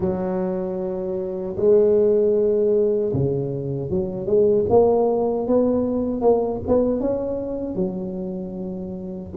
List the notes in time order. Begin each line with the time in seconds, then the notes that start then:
0.00 F#3
1.56 G#3
3.13 C#3
3.90 F#3
4.26 G#3
4.69 A#3
5.47 B3
6.21 A#3
6.67 B3
7.00 C#4
7.75 F#3